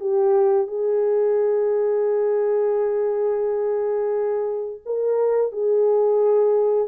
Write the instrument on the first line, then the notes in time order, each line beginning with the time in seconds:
horn
0.00 G4
0.67 G#4
4.86 A#4
5.52 G#4